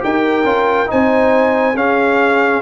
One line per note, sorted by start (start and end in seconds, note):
0.00 0.44 D#4
0.00 0.43 G4
0.00 0.91 A#4
0.00 0.91 G5
0.44 0.88 C#4
0.44 0.87 F4
0.87 1.75 C4
0.87 1.74 D#4
0.87 1.77 C5
0.87 1.77 G#5
1.75 2.62 C#4
1.75 2.62 G#4
1.75 2.62 F5